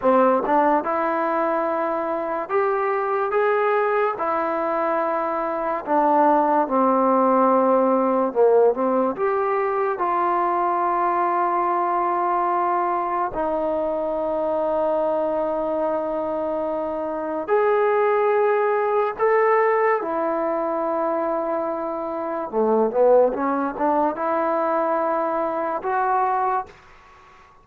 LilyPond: \new Staff \with { instrumentName = "trombone" } { \time 4/4 \tempo 4 = 72 c'8 d'8 e'2 g'4 | gis'4 e'2 d'4 | c'2 ais8 c'8 g'4 | f'1 |
dis'1~ | dis'4 gis'2 a'4 | e'2. a8 b8 | cis'8 d'8 e'2 fis'4 | }